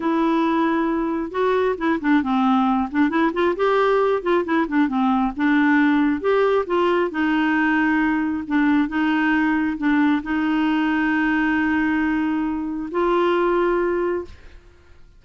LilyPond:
\new Staff \with { instrumentName = "clarinet" } { \time 4/4 \tempo 4 = 135 e'2. fis'4 | e'8 d'8 c'4. d'8 e'8 f'8 | g'4. f'8 e'8 d'8 c'4 | d'2 g'4 f'4 |
dis'2. d'4 | dis'2 d'4 dis'4~ | dis'1~ | dis'4 f'2. | }